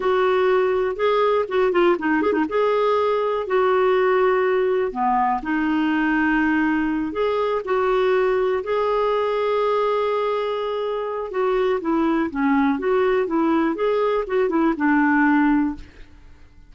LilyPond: \new Staff \with { instrumentName = "clarinet" } { \time 4/4 \tempo 4 = 122 fis'2 gis'4 fis'8 f'8 | dis'8 gis'16 dis'16 gis'2 fis'4~ | fis'2 b4 dis'4~ | dis'2~ dis'8 gis'4 fis'8~ |
fis'4. gis'2~ gis'8~ | gis'2. fis'4 | e'4 cis'4 fis'4 e'4 | gis'4 fis'8 e'8 d'2 | }